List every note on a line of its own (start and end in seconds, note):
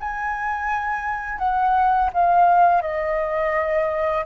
0.00 1.38 G#5
1.38 2.10 F#5
2.13 2.82 F5
2.82 4.25 D#5